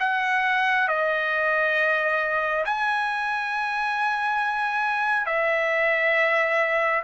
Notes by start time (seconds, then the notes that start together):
0.00 F#5
0.88 D#5
2.65 G#5
5.26 E5